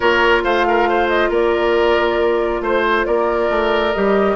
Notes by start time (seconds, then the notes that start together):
0.00 A#3 F4 A#4 C#5
0.43 A3 C5 F5
0.68 A#4
0.89 C5
1.08 D#5
1.29 A#3 A#4 D5
2.61 A3 C5
3.06 A#3 A#4 D5
3.49 A3
3.93 G3 G4 D#5